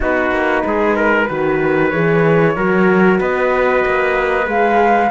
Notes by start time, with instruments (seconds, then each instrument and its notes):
0.00 cello B3, horn D#4, trumpet F#4, flute B4
0.31 cello A#3
0.65 cello G#3, trumpet G#4
0.96 trumpet A#4
1.27 cello D#3, horn F#4, trumpet B4
1.90 cello E3, horn G#4, flute C#5
2.55 cello F#3, horn F#4, trumpet A#4
3.19 cello B3, trumpet B4, flute D#5
3.85 cello A#3
4.45 cello G#3, horn G#4, flute F5